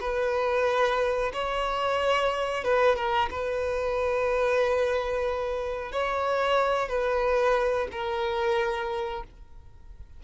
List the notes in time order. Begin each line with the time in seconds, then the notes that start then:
0.00 B4
1.33 C#5
2.64 B4
2.96 A#4
3.30 B4
5.92 C#5
6.88 B4
7.91 A#4